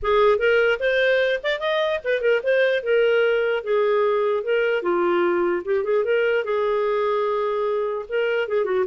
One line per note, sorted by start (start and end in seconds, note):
0.02 0.38 G#4
0.38 0.78 A#4
0.79 1.39 C5
1.43 1.59 D5
1.59 1.99 D#5
2.04 2.21 B4
2.21 2.41 A#4
2.43 2.83 C5
2.83 3.63 A#4
3.63 4.43 G#4
4.43 4.82 A#4
4.82 5.63 F4
5.64 5.84 G4
5.84 6.04 G#4
6.04 6.44 A#4
6.44 8.05 G#4
8.08 8.48 A#4
8.48 8.64 G#4
8.64 8.85 F#4